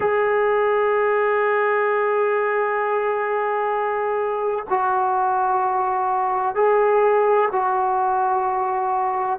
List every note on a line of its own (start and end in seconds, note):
0.00 4.64 G#4
4.69 6.55 F#4
6.55 7.48 G#4
7.51 9.39 F#4